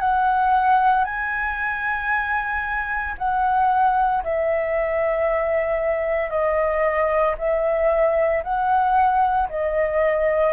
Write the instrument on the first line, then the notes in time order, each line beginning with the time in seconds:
flute
0.00 F#5
1.04 G#5
3.18 F#5
4.24 E5
6.30 D#5
7.38 E5
8.44 F#5
9.49 D#5